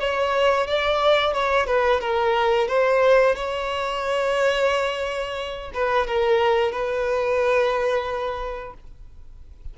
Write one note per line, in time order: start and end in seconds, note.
0.00 0.67 C#5
0.67 1.34 D5
1.34 1.67 C#5
1.67 2.01 B4
2.01 2.68 A#4
2.68 3.36 C5
3.36 5.72 C#5
5.74 6.07 B4
6.07 6.72 A#4
6.72 8.74 B4